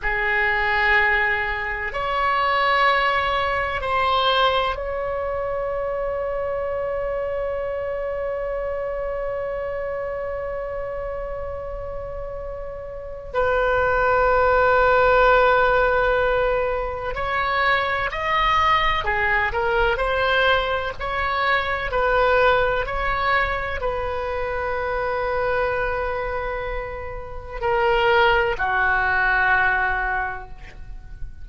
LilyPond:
\new Staff \with { instrumentName = "oboe" } { \time 4/4 \tempo 4 = 63 gis'2 cis''2 | c''4 cis''2.~ | cis''1~ | cis''2 b'2~ |
b'2 cis''4 dis''4 | gis'8 ais'8 c''4 cis''4 b'4 | cis''4 b'2.~ | b'4 ais'4 fis'2 | }